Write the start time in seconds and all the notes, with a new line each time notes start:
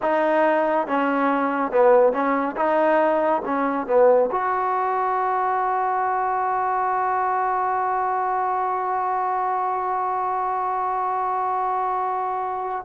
0.02 D#4
0.87 C#4
1.71 B3
2.12 C#4
2.56 D#4
3.45 C#4
3.86 B3
4.31 F#4